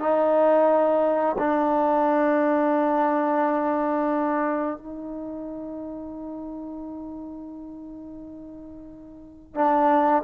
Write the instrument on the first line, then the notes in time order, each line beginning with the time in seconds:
trombone
0.00 D#4
1.39 D4
4.78 D#4
9.55 D4